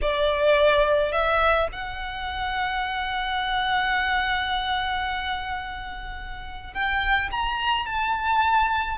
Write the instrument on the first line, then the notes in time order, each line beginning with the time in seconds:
violin
0.01 D5
1.12 E5
1.72 F#5
6.73 G5
7.31 A#5
7.86 A5